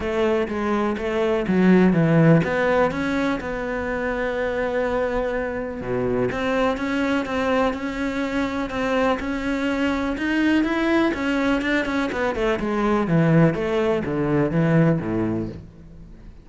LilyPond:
\new Staff \with { instrumentName = "cello" } { \time 4/4 \tempo 4 = 124 a4 gis4 a4 fis4 | e4 b4 cis'4 b4~ | b1 | b,4 c'4 cis'4 c'4 |
cis'2 c'4 cis'4~ | cis'4 dis'4 e'4 cis'4 | d'8 cis'8 b8 a8 gis4 e4 | a4 d4 e4 a,4 | }